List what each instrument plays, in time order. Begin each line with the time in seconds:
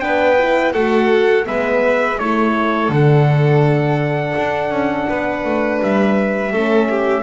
0.00 double bass B3, horn D4, violin B4, trumpet G5
0.38 horn E4
0.73 double bass A3, horn F#4, violin A4, trumpet F#5
1.44 double bass G#3, horn B3, violin B4, trumpet E5
2.19 double bass A3, horn E4, violin A4, trumpet C#5
2.89 double bass D3, horn D4, trumpet F#5
4.38 double bass D4
4.70 double bass C#4
5.09 double bass B3, violin B4
5.45 double bass A3
5.82 double bass G3, trumpet E5
6.52 double bass A3, horn C#4, violin A4
6.90 violin G4